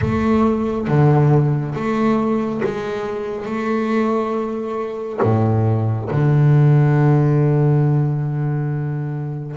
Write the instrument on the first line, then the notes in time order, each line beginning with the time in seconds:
double bass
0.01 A3
0.87 D3
1.74 A3
2.64 G#3
3.45 A3
5.22 A2
6.10 D3